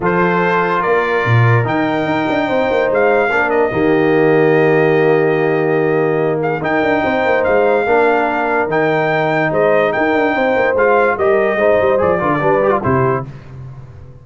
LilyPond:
<<
  \new Staff \with { instrumentName = "trumpet" } { \time 4/4 \tempo 4 = 145 c''2 d''2 | g''2. f''4~ | f''8 dis''2.~ dis''8~ | dis''2.~ dis''8 f''8 |
g''2 f''2~ | f''4 g''2 dis''4 | g''2 f''4 dis''4~ | dis''4 d''2 c''4 | }
  \new Staff \with { instrumentName = "horn" } { \time 4/4 a'2 ais'2~ | ais'2 c''2 | ais'4 g'2.~ | g'2.~ g'8 gis'8 |
ais'4 c''2 ais'4~ | ais'2. c''4 | ais'4 c''2 ais'4 | c''4. b'16 a'16 b'4 g'4 | }
  \new Staff \with { instrumentName = "trombone" } { \time 4/4 f'1 | dis'1 | d'4 ais2.~ | ais1 |
dis'2. d'4~ | d'4 dis'2.~ | dis'2 f'4 g'4 | dis'4 gis'8 f'8 d'8 g'16 f'16 e'4 | }
  \new Staff \with { instrumentName = "tuba" } { \time 4/4 f2 ais4 ais,4 | dis4 dis'8 d'8 c'8 ais8 gis4 | ais4 dis2.~ | dis1 |
dis'8 d'8 c'8 ais8 gis4 ais4~ | ais4 dis2 gis4 | dis'8 d'8 c'8 ais8 gis4 g4 | gis8 g8 f8 d8 g4 c4 | }
>>